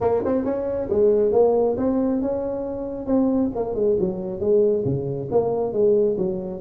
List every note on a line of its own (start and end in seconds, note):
0.00 0.22 A#3
0.25 0.44 C4
0.44 0.88 C#4
0.89 1.32 G#3
1.32 1.76 A#3
1.77 2.21 C4
2.21 3.06 C#4
3.06 3.50 C4
3.55 3.74 A#3
3.74 3.96 G#3
3.99 4.40 F#3
4.40 4.84 G#3
4.84 5.28 C#3
5.31 5.72 A#3
5.72 6.16 G#3
6.17 6.60 F#3